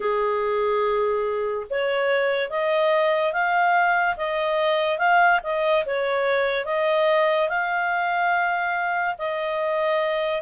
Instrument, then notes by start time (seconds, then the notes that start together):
clarinet
0.00 G#4
1.69 C#5
2.50 D#5
3.32 F5
4.16 D#5
4.98 F5
5.43 D#5
5.85 C#5
6.65 D#5
7.48 F5
9.18 D#5